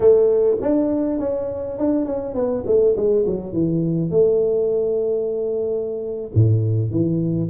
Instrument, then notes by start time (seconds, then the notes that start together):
tuba
0.00 A3
0.60 D4
1.19 C#4
1.78 D4
2.05 C#4
2.34 B3
2.66 A3
2.96 G#3
3.26 F#3
3.52 E3
4.10 A3
6.34 A2
6.90 E3